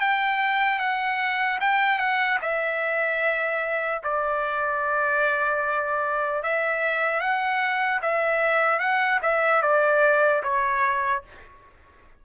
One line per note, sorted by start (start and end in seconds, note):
0.00 0.79 G5
0.79 1.59 F#5
1.60 1.98 G5
1.98 2.38 F#5
2.41 4.01 E5
4.03 6.43 D5
6.43 7.20 E5
7.20 8.00 F#5
8.01 8.79 E5
8.79 9.19 F#5
9.22 9.62 E5
9.62 10.42 D5
10.43 11.23 C#5